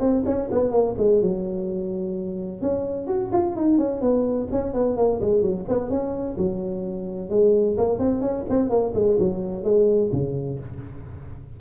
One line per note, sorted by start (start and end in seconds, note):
0.00 0.23 C4
0.26 0.49 C#4
0.52 0.71 B3
0.71 0.95 A#3
0.98 1.22 G#3
1.22 2.62 F#3
2.62 3.07 C#4
3.07 3.31 F#4
3.33 3.56 F4
3.56 3.78 D#4
3.78 4.01 C#4
4.01 4.48 B3
4.51 4.74 C#4
4.74 4.97 B3
4.97 5.21 A#3
5.21 5.42 G#3
5.42 5.65 F#3
5.69 5.90 B3
5.90 6.37 C#4
6.38 7.30 F#3
7.30 7.77 G#3
7.78 7.99 A#3
7.99 8.21 C4
8.21 8.45 C#4
8.50 8.70 C4
8.70 8.93 A#3
8.95 9.18 G#3
9.19 9.64 F#3
9.64 10.11 G#3
10.12 10.59 C#3